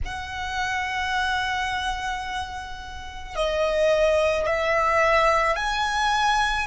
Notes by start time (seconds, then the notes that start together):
0.05 F#5
3.35 D#5
4.46 E5
5.56 G#5